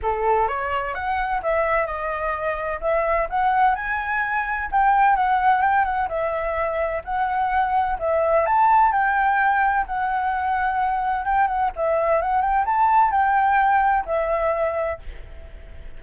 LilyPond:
\new Staff \with { instrumentName = "flute" } { \time 4/4 \tempo 4 = 128 a'4 cis''4 fis''4 e''4 | dis''2 e''4 fis''4 | gis''2 g''4 fis''4 | g''8 fis''8 e''2 fis''4~ |
fis''4 e''4 a''4 g''4~ | g''4 fis''2. | g''8 fis''8 e''4 fis''8 g''8 a''4 | g''2 e''2 | }